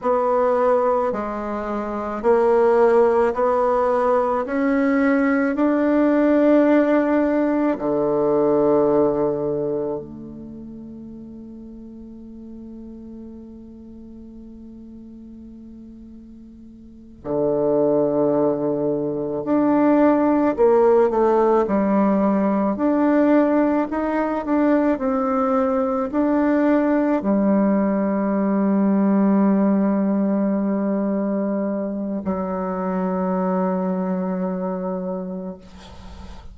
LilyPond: \new Staff \with { instrumentName = "bassoon" } { \time 4/4 \tempo 4 = 54 b4 gis4 ais4 b4 | cis'4 d'2 d4~ | d4 a2.~ | a2.~ a8 d8~ |
d4. d'4 ais8 a8 g8~ | g8 d'4 dis'8 d'8 c'4 d'8~ | d'8 g2.~ g8~ | g4 fis2. | }